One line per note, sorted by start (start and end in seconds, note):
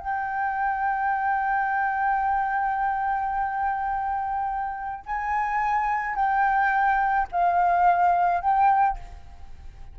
0.00 5.05 G5
5.06 6.16 G#5
6.16 7.28 G5
7.32 8.42 F5
8.42 8.98 G5